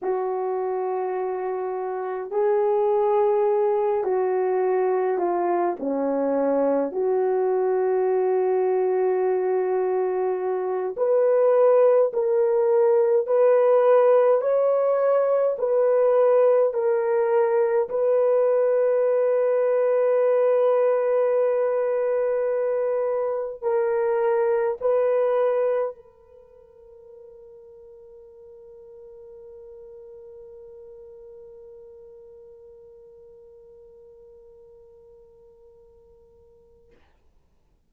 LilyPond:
\new Staff \with { instrumentName = "horn" } { \time 4/4 \tempo 4 = 52 fis'2 gis'4. fis'8~ | fis'8 f'8 cis'4 fis'2~ | fis'4. b'4 ais'4 b'8~ | b'8 cis''4 b'4 ais'4 b'8~ |
b'1~ | b'8 ais'4 b'4 ais'4.~ | ais'1~ | ais'1 | }